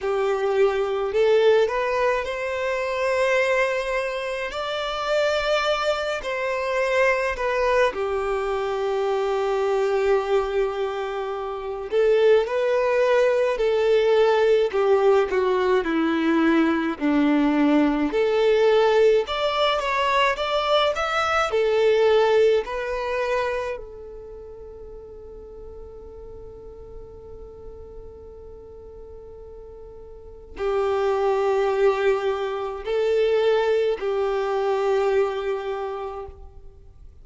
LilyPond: \new Staff \with { instrumentName = "violin" } { \time 4/4 \tempo 4 = 53 g'4 a'8 b'8 c''2 | d''4. c''4 b'8 g'4~ | g'2~ g'8 a'8 b'4 | a'4 g'8 fis'8 e'4 d'4 |
a'4 d''8 cis''8 d''8 e''8 a'4 | b'4 a'2.~ | a'2. g'4~ | g'4 a'4 g'2 | }